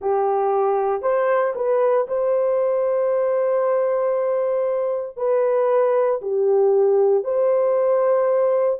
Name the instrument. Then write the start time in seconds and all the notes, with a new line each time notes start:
horn
0.01 G4
1.02 C5
1.55 B4
2.07 C5
5.16 B4
6.21 G4
7.24 C5